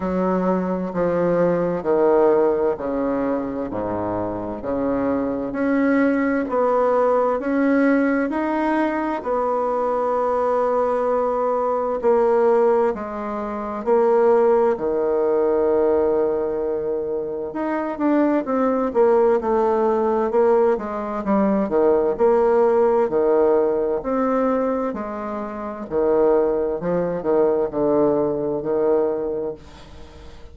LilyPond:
\new Staff \with { instrumentName = "bassoon" } { \time 4/4 \tempo 4 = 65 fis4 f4 dis4 cis4 | gis,4 cis4 cis'4 b4 | cis'4 dis'4 b2~ | b4 ais4 gis4 ais4 |
dis2. dis'8 d'8 | c'8 ais8 a4 ais8 gis8 g8 dis8 | ais4 dis4 c'4 gis4 | dis4 f8 dis8 d4 dis4 | }